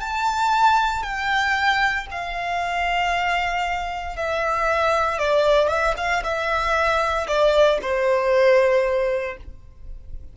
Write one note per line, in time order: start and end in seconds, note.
0.00 1.03 A5
1.03 2.06 G5
2.11 4.16 F5
4.16 5.18 E5
5.18 5.68 D5
5.68 5.94 E5
5.97 6.23 F5
6.23 7.26 E5
7.27 7.79 D5
7.82 9.37 C5